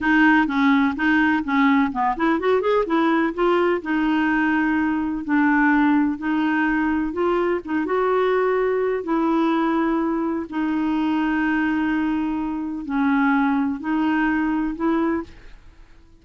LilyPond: \new Staff \with { instrumentName = "clarinet" } { \time 4/4 \tempo 4 = 126 dis'4 cis'4 dis'4 cis'4 | b8 e'8 fis'8 gis'8 e'4 f'4 | dis'2. d'4~ | d'4 dis'2 f'4 |
dis'8 fis'2~ fis'8 e'4~ | e'2 dis'2~ | dis'2. cis'4~ | cis'4 dis'2 e'4 | }